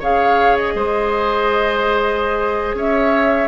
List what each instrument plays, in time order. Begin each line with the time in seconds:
0.00 bassoon C#3, clarinet G#4, oboe C#5, flute F5
0.57 flute D#5
0.75 bassoon G#3, oboe C5
2.74 bassoon C#4, oboe C#5, flute E5